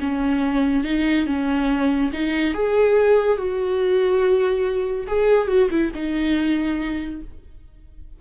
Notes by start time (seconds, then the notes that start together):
0.00 C#4
0.84 D#4
1.27 C#4
2.13 D#4
2.54 G#4
3.38 F#4
5.07 G#4
5.48 F#4
5.70 E4
5.94 D#4